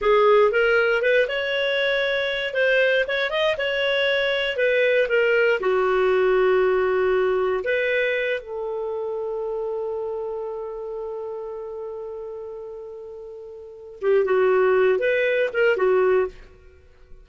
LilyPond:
\new Staff \with { instrumentName = "clarinet" } { \time 4/4 \tempo 4 = 118 gis'4 ais'4 b'8 cis''4.~ | cis''4 c''4 cis''8 dis''8 cis''4~ | cis''4 b'4 ais'4 fis'4~ | fis'2. b'4~ |
b'8 a'2.~ a'8~ | a'1~ | a'2.~ a'8 g'8 | fis'4. b'4 ais'8 fis'4 | }